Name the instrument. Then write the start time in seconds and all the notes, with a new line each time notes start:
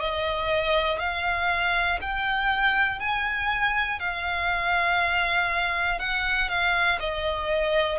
violin
0.00 D#5
0.99 F5
2.01 G5
2.99 G#5
4.00 F5
5.99 F#5
6.49 F5
7.00 D#5